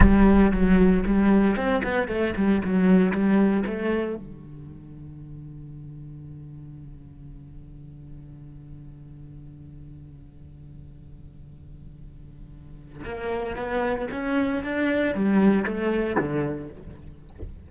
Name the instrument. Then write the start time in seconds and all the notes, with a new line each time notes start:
cello
0.00 G3
0.51 F#3
1.06 G3
1.56 C4
1.83 B3
2.08 A3
2.36 G3
2.64 F#3
3.11 G3
3.66 A3
4.15 D3
13.04 A#3
13.55 B3
14.11 C#4
14.63 D4
15.14 G3
15.64 A3
16.16 D3